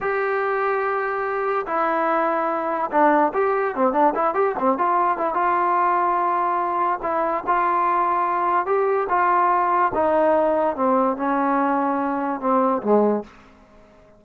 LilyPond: \new Staff \with { instrumentName = "trombone" } { \time 4/4 \tempo 4 = 145 g'1 | e'2. d'4 | g'4 c'8 d'8 e'8 g'8 c'8 f'8~ | f'8 e'8 f'2.~ |
f'4 e'4 f'2~ | f'4 g'4 f'2 | dis'2 c'4 cis'4~ | cis'2 c'4 gis4 | }